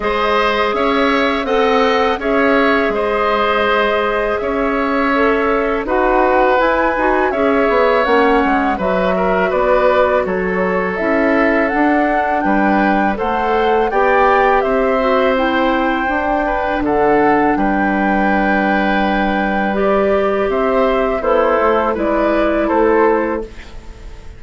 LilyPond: <<
  \new Staff \with { instrumentName = "flute" } { \time 4/4 \tempo 4 = 82 dis''4 e''4 fis''4 e''4 | dis''2 e''2 | fis''4 gis''4 e''4 fis''4 | e''4 d''4 cis''4 e''4 |
fis''4 g''4 fis''4 g''4 | e''4 g''2 fis''4 | g''2. d''4 | e''4 c''4 d''4 c''4 | }
  \new Staff \with { instrumentName = "oboe" } { \time 4/4 c''4 cis''4 dis''4 cis''4 | c''2 cis''2 | b'2 cis''2 | b'8 ais'8 b'4 a'2~ |
a'4 b'4 c''4 d''4 | c''2~ c''8 b'8 a'4 | b'1 | c''4 e'4 b'4 a'4 | }
  \new Staff \with { instrumentName = "clarinet" } { \time 4/4 gis'2 a'4 gis'4~ | gis'2. a'4 | fis'4 e'8 fis'8 gis'4 cis'4 | fis'2. e'4 |
d'2 a'4 g'4~ | g'8 fis'8 e'4 d'2~ | d'2. g'4~ | g'4 a'4 e'2 | }
  \new Staff \with { instrumentName = "bassoon" } { \time 4/4 gis4 cis'4 c'4 cis'4 | gis2 cis'2 | dis'4 e'8 dis'8 cis'8 b8 ais8 gis8 | fis4 b4 fis4 cis'4 |
d'4 g4 a4 b4 | c'2 d'4 d4 | g1 | c'4 b8 a8 gis4 a4 | }
>>